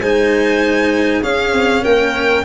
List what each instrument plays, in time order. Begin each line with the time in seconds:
0.00 tuba G#3, cello D#4, clarinet C5, violin G#5
1.21 cello C#4, tuba C#4, clarinet G#4, violin F5
1.53 tuba C4
1.82 tuba A#3, clarinet A#4, violin G5